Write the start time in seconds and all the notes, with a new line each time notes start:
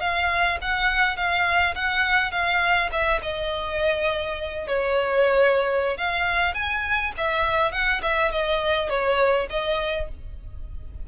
0.00 F5
0.61 F#5
1.17 F5
1.75 F#5
2.31 F5
2.92 E5
3.22 D#5
4.67 C#5
5.97 F5
6.54 G#5
7.17 E5
7.72 F#5
8.02 E5
8.31 D#5
8.89 C#5
9.50 D#5